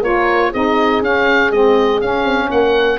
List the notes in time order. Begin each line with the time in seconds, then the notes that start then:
0.00 A#3 F4 A#4 C#5
0.51 C4 D#4 G#4 D#5
1.02 C#4 F5
1.51 G#3 C4 D#5
2.01 C#4 F5
2.24 C4
2.50 A#3 A#4 F#5